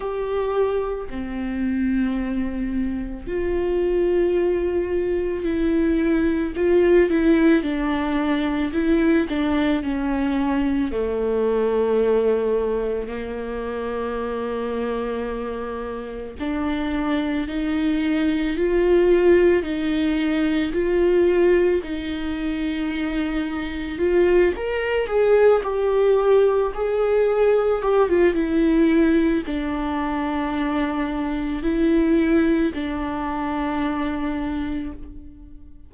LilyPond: \new Staff \with { instrumentName = "viola" } { \time 4/4 \tempo 4 = 55 g'4 c'2 f'4~ | f'4 e'4 f'8 e'8 d'4 | e'8 d'8 cis'4 a2 | ais2. d'4 |
dis'4 f'4 dis'4 f'4 | dis'2 f'8 ais'8 gis'8 g'8~ | g'8 gis'4 g'16 f'16 e'4 d'4~ | d'4 e'4 d'2 | }